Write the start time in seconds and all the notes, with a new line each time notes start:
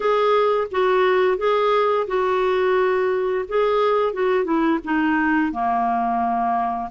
0.00 G#4
0.71 F#4
1.37 G#4
2.07 F#4
3.48 G#4
4.13 F#4
4.44 E4
4.84 D#4
5.52 A#3